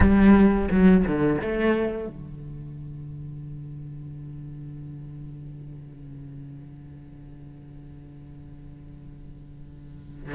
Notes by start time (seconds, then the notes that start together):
0.00 G3
0.71 F#3
1.06 D3
1.41 A3
2.08 D3